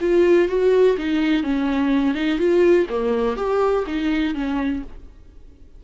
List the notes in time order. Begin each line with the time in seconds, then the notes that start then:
0.00 F4
0.48 F#4
0.97 D#4
1.43 C#4
2.14 D#4
2.38 F4
2.89 A#3
3.36 G4
3.86 D#4
4.34 C#4